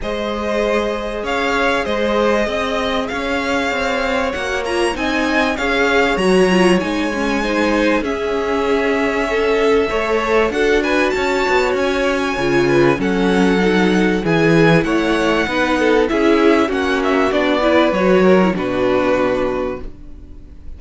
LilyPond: <<
  \new Staff \with { instrumentName = "violin" } { \time 4/4 \tempo 4 = 97 dis''2 f''4 dis''4~ | dis''4 f''2 fis''8 ais''8 | gis''4 f''4 ais''4 gis''4~ | gis''4 e''2.~ |
e''4 fis''8 gis''8 a''4 gis''4~ | gis''4 fis''2 gis''4 | fis''2 e''4 fis''8 e''8 | d''4 cis''4 b'2 | }
  \new Staff \with { instrumentName = "violin" } { \time 4/4 c''2 cis''4 c''4 | dis''4 cis''2. | dis''4 cis''2. | c''4 gis'2 a'4 |
cis''4 a'8 b'8 cis''2~ | cis''8 b'8 a'2 gis'4 | cis''4 b'8 a'8 gis'4 fis'4~ | fis'8 b'4 ais'8 fis'2 | }
  \new Staff \with { instrumentName = "viola" } { \time 4/4 gis'1~ | gis'2. fis'8 f'8 | dis'4 gis'4 fis'8 f'8 dis'8 cis'8 | dis'4 cis'2. |
a'4 fis'2. | f'4 cis'4 dis'4 e'4~ | e'4 dis'4 e'4 cis'4 | d'8 e'8 fis'8. e'16 d'2 | }
  \new Staff \with { instrumentName = "cello" } { \time 4/4 gis2 cis'4 gis4 | c'4 cis'4 c'4 ais4 | c'4 cis'4 fis4 gis4~ | gis4 cis'2. |
a4 d'4 cis'8 b8 cis'4 | cis4 fis2 e4 | a4 b4 cis'4 ais4 | b4 fis4 b,2 | }
>>